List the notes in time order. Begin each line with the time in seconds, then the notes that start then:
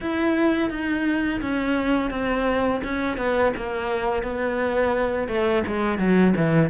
0.00 E4
0.70 D#4
1.41 C#4
2.10 C4
2.83 C#4
3.17 B3
3.56 A#3
4.22 B3
5.27 A3
5.66 G#3
5.98 F#3
6.36 E3